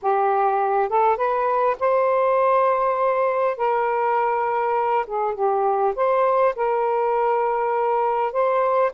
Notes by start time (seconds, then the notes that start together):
0.02 G4
0.89 A4
1.17 B4
1.79 C5
3.57 A#4
5.07 G#4
5.34 G4
5.95 C5
6.55 A#4
8.32 C5